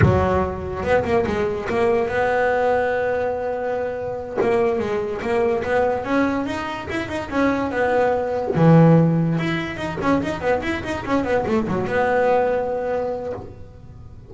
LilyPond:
\new Staff \with { instrumentName = "double bass" } { \time 4/4 \tempo 4 = 144 fis2 b8 ais8 gis4 | ais4 b2.~ | b2~ b8 ais4 gis8~ | gis8 ais4 b4 cis'4 dis'8~ |
dis'8 e'8 dis'8 cis'4 b4.~ | b8 e2 e'4 dis'8 | cis'8 dis'8 b8 e'8 dis'8 cis'8 b8 a8 | fis8 b2.~ b8 | }